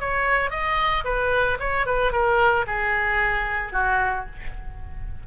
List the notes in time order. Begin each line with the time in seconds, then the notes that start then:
0.00 C#5
0.50 D#5
1.04 B4
1.60 C#5
1.86 B4
2.12 A#4
2.67 G#4
3.72 F#4